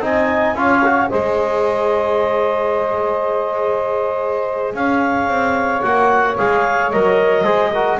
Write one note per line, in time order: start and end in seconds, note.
0.00 0.54 C4
0.00 0.56 D#4
0.00 0.55 D#5
0.00 0.57 G#5
0.54 1.08 C#4
0.54 0.83 F4
0.54 1.09 C#5
0.54 1.10 F5
0.85 1.10 F#4
1.09 4.74 G#3
1.09 5.83 G#4
1.09 4.74 C5
1.09 4.75 D#5
4.74 5.27 C#4
4.74 7.43 C#5
4.74 5.82 F5
5.27 5.82 C4
5.82 6.38 A#3
5.82 6.37 F#4
5.82 6.36 F#5
6.37 6.93 G#3
6.37 6.92 G#4
6.37 6.91 F5
6.91 7.44 F#3
6.91 7.44 A#4
6.91 7.99 D#5
7.43 7.98 G#3
7.43 7.71 G#4
7.43 7.70 C5
7.71 8.00 F#4
7.71 7.98 A#4